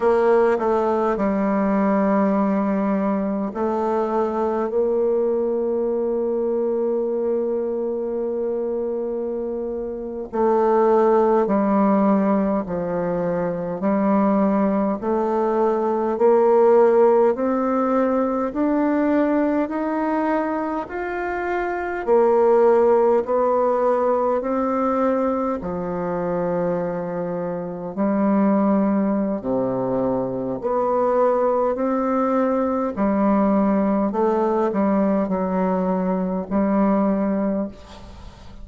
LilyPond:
\new Staff \with { instrumentName = "bassoon" } { \time 4/4 \tempo 4 = 51 ais8 a8 g2 a4 | ais1~ | ais8. a4 g4 f4 g16~ | g8. a4 ais4 c'4 d'16~ |
d'8. dis'4 f'4 ais4 b16~ | b8. c'4 f2 g16~ | g4 c4 b4 c'4 | g4 a8 g8 fis4 g4 | }